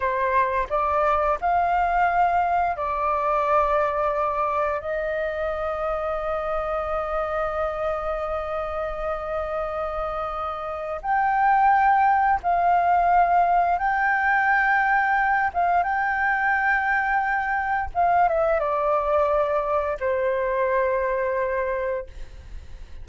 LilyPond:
\new Staff \with { instrumentName = "flute" } { \time 4/4 \tempo 4 = 87 c''4 d''4 f''2 | d''2. dis''4~ | dis''1~ | dis''1 |
g''2 f''2 | g''2~ g''8 f''8 g''4~ | g''2 f''8 e''8 d''4~ | d''4 c''2. | }